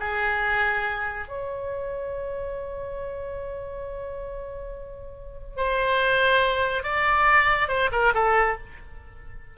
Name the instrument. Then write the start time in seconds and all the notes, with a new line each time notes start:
oboe
0.00 G#4
1.29 C#5
5.57 C5
6.84 D5
7.69 C5
7.92 A#4
8.15 A4